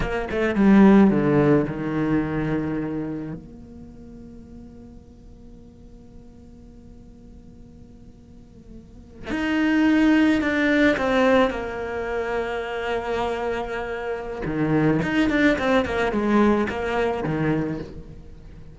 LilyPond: \new Staff \with { instrumentName = "cello" } { \time 4/4 \tempo 4 = 108 ais8 a8 g4 d4 dis4~ | dis2 ais2~ | ais1~ | ais1~ |
ais8. dis'2 d'4 c'16~ | c'8. ais2.~ ais16~ | ais2 dis4 dis'8 d'8 | c'8 ais8 gis4 ais4 dis4 | }